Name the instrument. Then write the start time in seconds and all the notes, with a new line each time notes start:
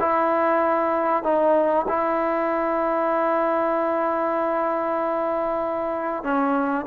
trombone
0.00 E4
1.24 D#4
1.88 E4
6.23 C#4